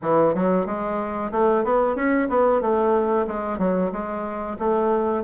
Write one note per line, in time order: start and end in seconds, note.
0.02 0.34 E3
0.34 0.66 F#3
0.66 1.31 G#3
1.31 1.64 A3
1.64 1.95 B3
1.95 2.28 C#4
2.29 2.61 B3
2.61 3.26 A3
3.27 3.58 G#3
3.58 3.91 F#3
3.91 4.57 G#3
4.59 5.23 A3